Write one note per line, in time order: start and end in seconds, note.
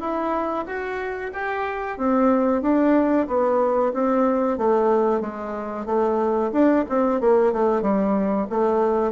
0.00 0.65 E4
0.66 1.32 F#4
1.33 1.98 G4
1.98 2.62 C4
2.62 3.27 D4
3.27 3.92 B3
3.93 4.58 C4
4.58 5.21 A3
5.21 5.86 G#3
5.86 6.51 A3
6.52 6.85 D4
6.89 7.21 C4
7.21 7.53 A#3
7.53 7.82 A3
7.82 8.47 G3
8.50 9.12 A3